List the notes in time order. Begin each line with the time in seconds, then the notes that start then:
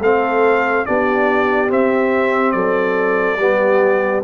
0.00 A3 C4 A4 F5
0.85 B3 D4 G4 D5
1.67 C4 E5
2.51 F#3 A4 D5
3.37 G3 B3 G4